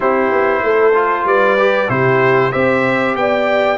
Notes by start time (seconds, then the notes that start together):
0.00 C4 E4 G4 C5
0.31 B3
0.62 A3 A4
0.94 F4
1.24 G3 B4 D5
1.58 G4
1.88 C3 E4 G4 C5
2.52 C4 G4 C5 E5
3.15 B3 D5 G5